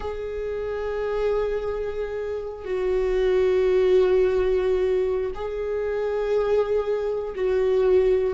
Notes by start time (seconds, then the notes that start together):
0.00 G#4
2.64 F#4
5.35 G#4
7.35 F#4